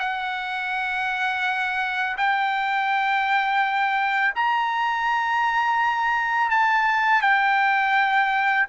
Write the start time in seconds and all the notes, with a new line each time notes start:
0.00 F#5
2.18 G5
4.36 A#5
6.51 A5
7.22 G5